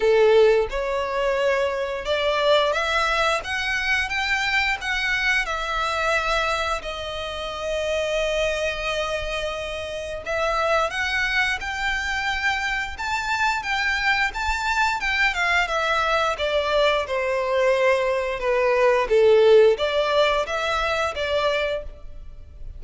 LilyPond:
\new Staff \with { instrumentName = "violin" } { \time 4/4 \tempo 4 = 88 a'4 cis''2 d''4 | e''4 fis''4 g''4 fis''4 | e''2 dis''2~ | dis''2. e''4 |
fis''4 g''2 a''4 | g''4 a''4 g''8 f''8 e''4 | d''4 c''2 b'4 | a'4 d''4 e''4 d''4 | }